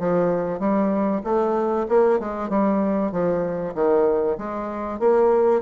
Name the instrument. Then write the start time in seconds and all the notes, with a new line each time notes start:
bassoon
0.00 F3
0.60 G3
1.24 A3
1.89 A#3
2.20 G#3
2.50 G3
3.12 F3
3.75 D#3
4.38 G#3
5.00 A#3